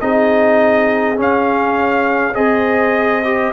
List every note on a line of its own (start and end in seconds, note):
0.00 1.18 C4
0.00 1.15 D#4
0.00 2.36 G#4
0.00 1.18 D#5
1.15 2.33 C#4
1.15 2.35 C#4
1.15 2.34 F5
2.34 3.52 C4
2.34 3.22 G#4
2.34 3.52 C5
2.34 3.52 D#5
3.24 3.52 G4